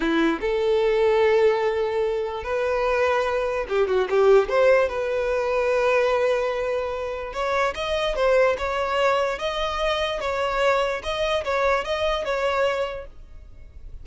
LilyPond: \new Staff \with { instrumentName = "violin" } { \time 4/4 \tempo 4 = 147 e'4 a'2.~ | a'2 b'2~ | b'4 g'8 fis'8 g'4 c''4 | b'1~ |
b'2 cis''4 dis''4 | c''4 cis''2 dis''4~ | dis''4 cis''2 dis''4 | cis''4 dis''4 cis''2 | }